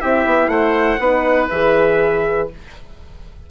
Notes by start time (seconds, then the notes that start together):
0.00 C4 E4 G4 E5
0.25 B3
0.47 A3 C5 F#5
0.98 B3 D#4 B4
1.49 E3 G#4 E5